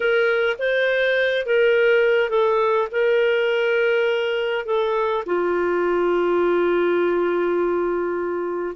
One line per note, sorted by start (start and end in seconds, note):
0.00 0.57 A#4
0.58 1.46 C5
1.46 2.29 A#4
2.29 2.88 A4
2.91 4.65 A#4
4.65 5.23 A4
5.26 8.75 F4